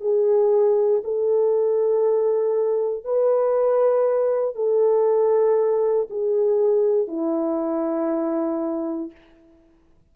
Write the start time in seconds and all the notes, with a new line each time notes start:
0.00 G#4
1.04 A4
3.04 B4
4.55 A4
6.10 G#4
7.07 E4